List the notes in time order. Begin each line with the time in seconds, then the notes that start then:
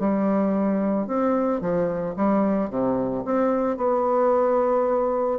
0.00 G3
1.07 C4
1.61 F3
2.17 G3
2.70 C3
3.25 C4
3.78 B3